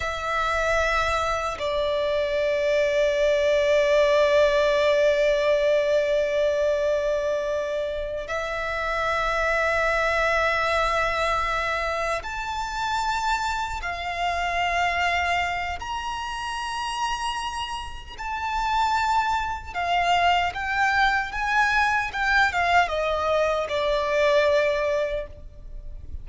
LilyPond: \new Staff \with { instrumentName = "violin" } { \time 4/4 \tempo 4 = 76 e''2 d''2~ | d''1~ | d''2~ d''8 e''4.~ | e''2.~ e''8 a''8~ |
a''4. f''2~ f''8 | ais''2. a''4~ | a''4 f''4 g''4 gis''4 | g''8 f''8 dis''4 d''2 | }